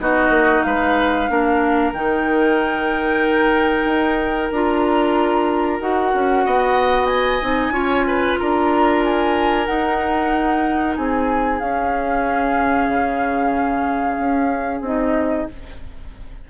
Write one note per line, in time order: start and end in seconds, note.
0.00 0.29 B3
0.00 1.29 D#4
0.00 0.67 F#4
0.00 0.63 D#5
0.29 0.62 A#3
0.63 1.29 G#3
0.63 1.31 B4
0.63 1.92 F5
1.29 1.93 A#3
1.29 1.94 D4
1.29 6.46 A#4
1.93 3.85 D#3
1.93 4.53 D#4
1.93 4.52 G5
3.85 4.50 D#4
4.52 5.81 D4
4.52 5.80 F4
4.52 5.81 A#5
5.80 6.13 D#4
5.80 7.42 F#4
5.80 7.06 F#5
6.14 6.46 C#4
6.46 7.42 B3
6.46 7.74 D#5
7.06 8.35 G#5
7.42 7.70 C4
7.42 7.73 D#4
7.70 8.35 C#4
7.70 9.66 F4
7.70 8.06 C#5
8.08 8.40 B4
8.39 9.68 D4
8.39 10.98 A#4
8.39 9.03 A#5
9.04 9.66 G#5
9.66 11.60 D#4
9.66 10.97 D#4
9.66 10.95 F#5
10.96 11.61 C4
10.96 15.50 G#4
10.96 11.60 G#5
11.60 12.89 C#4
11.60 14.85 C#4
11.60 14.82 F5
12.89 14.18 C#3
14.18 14.81 C#4
14.81 15.46 C4
14.81 15.49 D#4
14.81 15.50 D#5